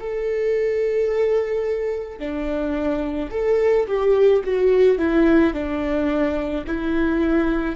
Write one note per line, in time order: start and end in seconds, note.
0.00 2.19 A4
2.19 3.30 D4
3.31 3.86 A4
3.87 4.42 G4
4.44 4.98 F#4
4.98 5.54 E4
5.54 6.65 D4
6.67 7.76 E4